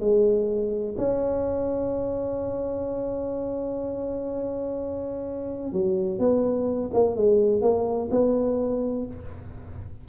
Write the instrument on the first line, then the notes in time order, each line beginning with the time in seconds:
tuba
0.00 G#3
0.97 C#4
5.72 F#3
6.19 B3
6.93 A#3
7.16 G#3
7.61 A#3
8.11 B3